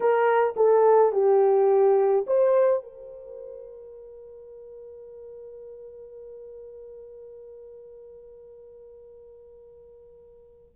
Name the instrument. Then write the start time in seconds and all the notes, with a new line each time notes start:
horn
0.00 A#4
0.56 A4
1.12 G4
2.26 C5
2.83 A#4